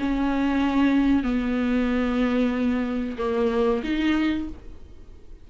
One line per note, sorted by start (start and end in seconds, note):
0.00 1.23 C#4
1.23 3.17 B3
3.18 3.83 A#3
3.84 4.49 D#4